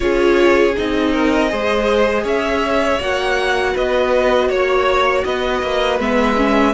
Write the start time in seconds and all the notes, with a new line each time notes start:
0.00 C#4 F4 G#4 C#5
0.76 C4 D#4 D#5
1.12 A#4
1.49 G#3 G#4 C5
2.23 C#4 C#5 E5
3.00 A#3 F#4 F#5
3.73 B3 B4 D#5
4.48 A#3 C#5
5.24 B3 B4 D#5
5.62 A#3
5.99 G#3 B3 E5
6.36 C#4